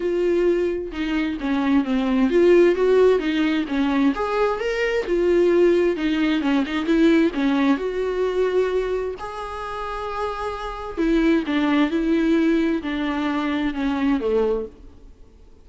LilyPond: \new Staff \with { instrumentName = "viola" } { \time 4/4 \tempo 4 = 131 f'2 dis'4 cis'4 | c'4 f'4 fis'4 dis'4 | cis'4 gis'4 ais'4 f'4~ | f'4 dis'4 cis'8 dis'8 e'4 |
cis'4 fis'2. | gis'1 | e'4 d'4 e'2 | d'2 cis'4 a4 | }